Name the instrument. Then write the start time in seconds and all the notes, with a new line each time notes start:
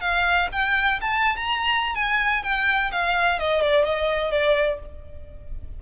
violin
0.00 F5
0.51 G5
1.01 A5
1.36 A#5
1.95 G#5
2.43 G5
2.91 F5
3.39 D#5
3.61 D5
3.84 D#5
4.31 D5